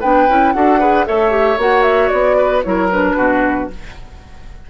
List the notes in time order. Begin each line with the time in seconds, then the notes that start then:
0.00 B3 D4 B4 G5
0.28 C#4 E4
0.53 D4 F#4 A4 F#5
0.79 G#4 B4
1.06 A3 A4 C#5 E5
1.30 G4
1.57 A#3 F#4 F#5
1.82 E5
2.08 B3 D5
2.37 B4
2.63 F#3 E4 A#4 C#5
2.91 D4 B4
3.16 B2 F#4